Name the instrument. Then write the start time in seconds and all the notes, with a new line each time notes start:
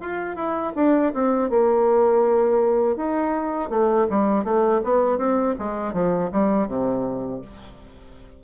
bassoon
0.00 F4
0.36 E4
0.75 D4
1.14 C4
1.50 A#3
2.96 D#4
3.70 A3
4.10 G3
4.44 A3
4.84 B3
5.18 C4
5.59 G#3
5.93 F3
6.32 G3
6.67 C3